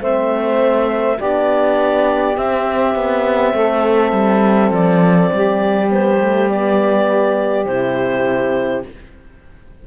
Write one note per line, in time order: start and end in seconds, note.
0.00 1.18 A3
0.00 1.18 C4
0.00 1.17 C5
0.00 1.20 E5
1.17 2.37 B3
1.17 2.37 D4
1.17 3.52 G4
1.17 2.36 D5
2.36 2.95 C4
2.36 5.89 C4
2.36 4.72 E5
2.95 3.53 B3
3.53 4.12 A3
3.53 5.31 A4
4.12 4.70 G3
4.70 5.29 F3
4.70 5.90 D5
5.32 7.65 G3
5.32 8.87 G4
5.89 6.18 B3
5.89 6.49 C5
6.20 6.50 A3
6.49 7.67 B3
6.49 7.65 D5
7.65 8.83 C3
7.65 8.85 E4
7.65 8.82 C5